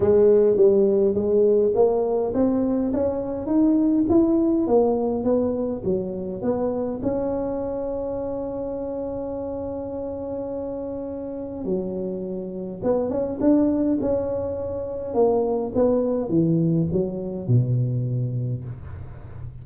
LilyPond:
\new Staff \with { instrumentName = "tuba" } { \time 4/4 \tempo 4 = 103 gis4 g4 gis4 ais4 | c'4 cis'4 dis'4 e'4 | ais4 b4 fis4 b4 | cis'1~ |
cis'1 | fis2 b8 cis'8 d'4 | cis'2 ais4 b4 | e4 fis4 b,2 | }